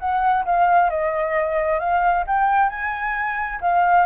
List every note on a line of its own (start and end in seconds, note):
0.00 0.45 F#5
0.46 0.90 F5
0.90 1.80 D#5
1.80 2.25 F5
2.27 2.70 G5
2.70 3.60 G#5
3.62 4.06 F5